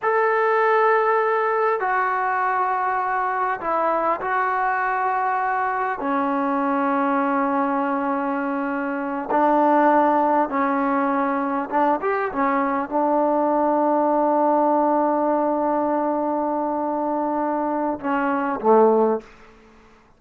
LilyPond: \new Staff \with { instrumentName = "trombone" } { \time 4/4 \tempo 4 = 100 a'2. fis'4~ | fis'2 e'4 fis'4~ | fis'2 cis'2~ | cis'2.~ cis'8 d'8~ |
d'4. cis'2 d'8 | g'8 cis'4 d'2~ d'8~ | d'1~ | d'2 cis'4 a4 | }